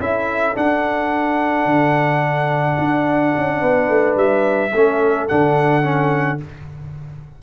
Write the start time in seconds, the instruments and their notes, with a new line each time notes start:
0.00 tuba C#4, trombone E4, horn A4, trumpet E5
0.54 trombone D4, tuba D4, trumpet F#5
1.66 tuba D3
2.78 tuba D4
3.37 tuba C#4
3.60 tuba B3, horn B4
3.89 tuba A3
4.16 tuba G3, trumpet E5
4.73 tuba A3, trombone C#4, horn A4
5.28 tuba D3, trombone D4, trumpet F#5
5.82 trombone C#4